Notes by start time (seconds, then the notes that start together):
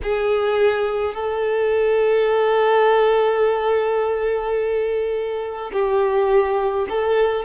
0.02 G#4
1.14 A4
5.72 G4
6.89 A4